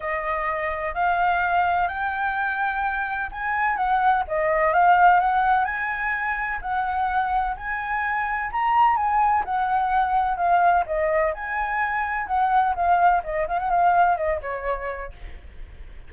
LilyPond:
\new Staff \with { instrumentName = "flute" } { \time 4/4 \tempo 4 = 127 dis''2 f''2 | g''2. gis''4 | fis''4 dis''4 f''4 fis''4 | gis''2 fis''2 |
gis''2 ais''4 gis''4 | fis''2 f''4 dis''4 | gis''2 fis''4 f''4 | dis''8 f''16 fis''16 f''4 dis''8 cis''4. | }